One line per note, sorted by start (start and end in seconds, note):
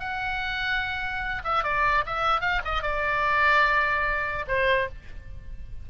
0.00 1.43 F#5
1.45 1.64 E5
1.64 2.05 D5
2.06 2.41 E5
2.41 2.62 F5
2.65 2.83 D#5
2.83 4.46 D5
4.48 4.89 C5